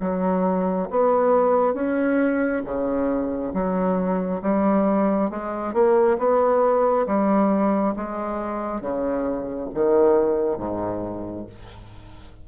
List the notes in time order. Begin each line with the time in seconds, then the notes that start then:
0.00 F#3
0.90 B3
1.74 C#4
2.64 C#3
3.53 F#3
4.42 G3
5.30 G#3
5.73 A#3
6.18 B3
7.06 G3
7.96 G#3
8.81 C#3
9.74 D#3
10.57 G#2